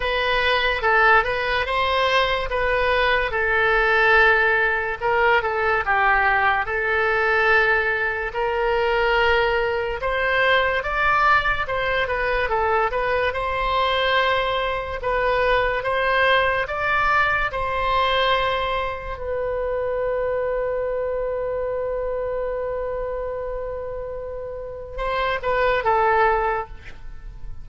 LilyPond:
\new Staff \with { instrumentName = "oboe" } { \time 4/4 \tempo 4 = 72 b'4 a'8 b'8 c''4 b'4 | a'2 ais'8 a'8 g'4 | a'2 ais'2 | c''4 d''4 c''8 b'8 a'8 b'8 |
c''2 b'4 c''4 | d''4 c''2 b'4~ | b'1~ | b'2 c''8 b'8 a'4 | }